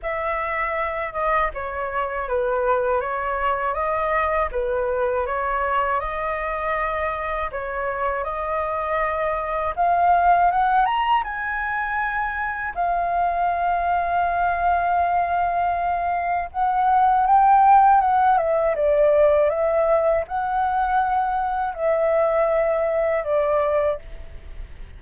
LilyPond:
\new Staff \with { instrumentName = "flute" } { \time 4/4 \tempo 4 = 80 e''4. dis''8 cis''4 b'4 | cis''4 dis''4 b'4 cis''4 | dis''2 cis''4 dis''4~ | dis''4 f''4 fis''8 ais''8 gis''4~ |
gis''4 f''2.~ | f''2 fis''4 g''4 | fis''8 e''8 d''4 e''4 fis''4~ | fis''4 e''2 d''4 | }